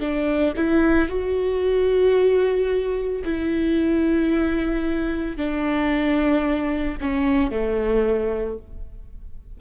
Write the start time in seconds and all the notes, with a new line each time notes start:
0.00 D4
0.56 E4
1.09 F#4
3.24 E4
5.37 D4
7.01 C#4
7.51 A3